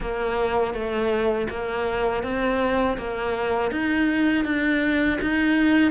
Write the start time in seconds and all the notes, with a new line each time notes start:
0.00 A#3
0.73 A3
1.49 A#3
2.23 C4
2.97 A#3
3.71 D#4
4.44 D4
5.21 D#4